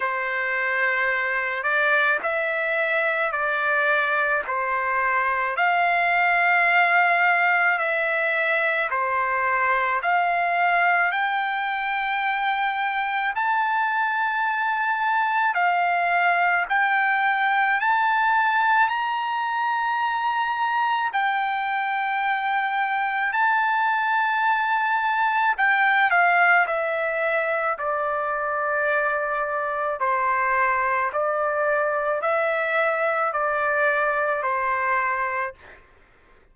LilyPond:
\new Staff \with { instrumentName = "trumpet" } { \time 4/4 \tempo 4 = 54 c''4. d''8 e''4 d''4 | c''4 f''2 e''4 | c''4 f''4 g''2 | a''2 f''4 g''4 |
a''4 ais''2 g''4~ | g''4 a''2 g''8 f''8 | e''4 d''2 c''4 | d''4 e''4 d''4 c''4 | }